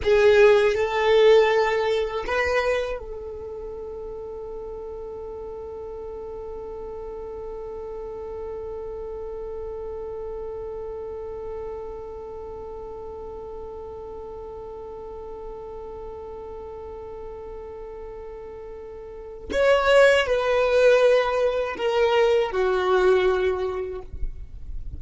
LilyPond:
\new Staff \with { instrumentName = "violin" } { \time 4/4 \tempo 4 = 80 gis'4 a'2 b'4 | a'1~ | a'1~ | a'1~ |
a'1~ | a'1~ | a'2 cis''4 b'4~ | b'4 ais'4 fis'2 | }